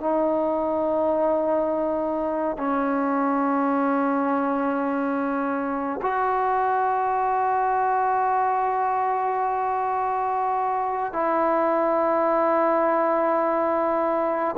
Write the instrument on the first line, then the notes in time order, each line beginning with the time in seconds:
trombone
0.00 D#4
2.58 C#4
6.02 F#4
11.13 E4